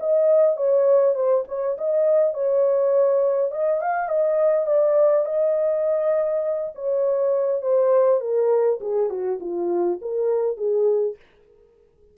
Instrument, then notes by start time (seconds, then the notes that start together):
horn
0.00 D#5
0.57 C#5
1.15 C5
1.48 C#5
1.78 D#5
2.34 C#5
3.52 D#5
3.81 F5
4.09 D#5
4.67 D5
5.26 D#5
6.75 C#5
7.62 C5
8.21 A#4
8.81 G#4
9.10 F#4
9.41 F4
10.02 A#4
10.57 G#4